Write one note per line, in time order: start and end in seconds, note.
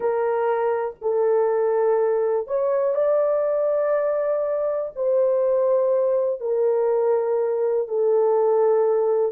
0.00 0.95 A#4
1.01 2.47 A4
2.47 2.94 C#5
2.94 4.91 D5
4.95 6.40 C5
6.40 7.87 A#4
7.88 9.32 A4